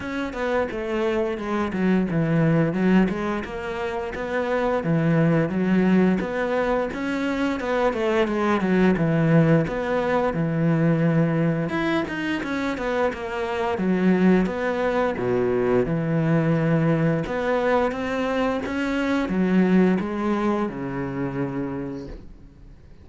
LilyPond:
\new Staff \with { instrumentName = "cello" } { \time 4/4 \tempo 4 = 87 cis'8 b8 a4 gis8 fis8 e4 | fis8 gis8 ais4 b4 e4 | fis4 b4 cis'4 b8 a8 | gis8 fis8 e4 b4 e4~ |
e4 e'8 dis'8 cis'8 b8 ais4 | fis4 b4 b,4 e4~ | e4 b4 c'4 cis'4 | fis4 gis4 cis2 | }